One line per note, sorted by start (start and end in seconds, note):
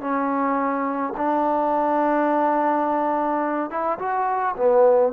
0.00 1.13 C#4
1.16 3.70 D4
3.70 3.98 E4
3.98 4.55 F#4
4.56 5.12 B3